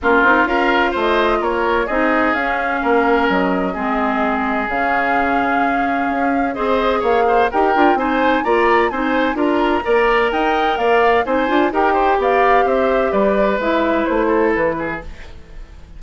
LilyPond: <<
  \new Staff \with { instrumentName = "flute" } { \time 4/4 \tempo 4 = 128 ais'4 f''4 dis''4 cis''4 | dis''4 f''2 dis''4~ | dis''2 f''2~ | f''2 dis''4 f''4 |
g''4 gis''4 ais''4 gis''4 | ais''2 g''4 f''4 | gis''4 g''4 f''4 e''4 | d''4 e''4 c''4 b'4 | }
  \new Staff \with { instrumentName = "oboe" } { \time 4/4 f'4 ais'4 c''4 ais'4 | gis'2 ais'2 | gis'1~ | gis'2 c''4 cis''8 c''8 |
ais'4 c''4 d''4 c''4 | ais'4 d''4 dis''4 d''4 | c''4 ais'8 c''8 d''4 c''4 | b'2~ b'8 a'4 gis'8 | }
  \new Staff \with { instrumentName = "clarinet" } { \time 4/4 cis'8 dis'8 f'2. | dis'4 cis'2. | c'2 cis'2~ | cis'2 gis'2 |
g'8 f'8 dis'4 f'4 dis'4 | f'4 ais'2. | dis'8 f'8 g'2.~ | g'4 e'2. | }
  \new Staff \with { instrumentName = "bassoon" } { \time 4/4 ais8 c'8 cis'4 a4 ais4 | c'4 cis'4 ais4 fis4 | gis2 cis2~ | cis4 cis'4 c'4 ais4 |
dis'8 d'8 c'4 ais4 c'4 | d'4 ais4 dis'4 ais4 | c'8 d'8 dis'4 b4 c'4 | g4 gis4 a4 e4 | }
>>